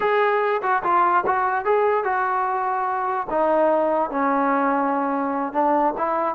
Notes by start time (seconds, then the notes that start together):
0.00 G#4
0.62 F#4
0.83 F4
1.26 F#4
1.65 G#4
2.03 F#4
3.30 D#4
4.10 C#4
5.53 D4
5.97 E4